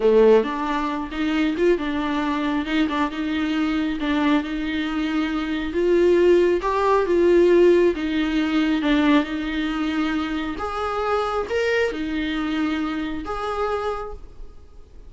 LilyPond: \new Staff \with { instrumentName = "viola" } { \time 4/4 \tempo 4 = 136 a4 d'4. dis'4 f'8 | d'2 dis'8 d'8 dis'4~ | dis'4 d'4 dis'2~ | dis'4 f'2 g'4 |
f'2 dis'2 | d'4 dis'2. | gis'2 ais'4 dis'4~ | dis'2 gis'2 | }